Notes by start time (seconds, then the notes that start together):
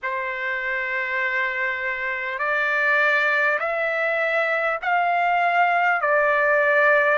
0.03 C5
2.38 D5
3.59 E5
4.82 F5
6.01 D5